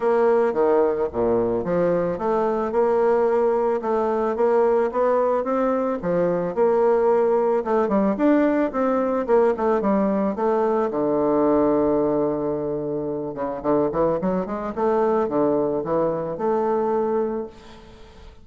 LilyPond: \new Staff \with { instrumentName = "bassoon" } { \time 4/4 \tempo 4 = 110 ais4 dis4 ais,4 f4 | a4 ais2 a4 | ais4 b4 c'4 f4 | ais2 a8 g8 d'4 |
c'4 ais8 a8 g4 a4 | d1~ | d8 cis8 d8 e8 fis8 gis8 a4 | d4 e4 a2 | }